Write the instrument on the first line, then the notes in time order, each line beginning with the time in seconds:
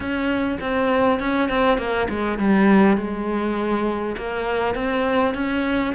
cello
0.00 C#4
0.60 C4
1.19 C#4
1.49 C4
1.78 A#3
2.09 G#3
2.38 G3
2.97 G#3
4.17 A#3
4.74 C4
5.34 C#4